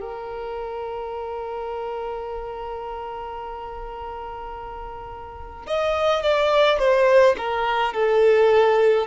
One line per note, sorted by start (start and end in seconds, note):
0.00 5.66 A#4
5.67 6.22 D#5
6.22 6.79 D5
6.79 7.35 C5
7.37 7.93 A#4
7.93 9.07 A4